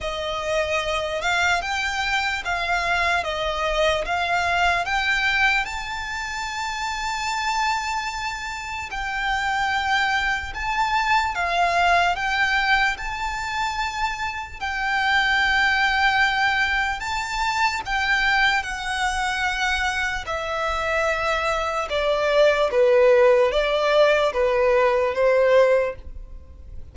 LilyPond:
\new Staff \with { instrumentName = "violin" } { \time 4/4 \tempo 4 = 74 dis''4. f''8 g''4 f''4 | dis''4 f''4 g''4 a''4~ | a''2. g''4~ | g''4 a''4 f''4 g''4 |
a''2 g''2~ | g''4 a''4 g''4 fis''4~ | fis''4 e''2 d''4 | b'4 d''4 b'4 c''4 | }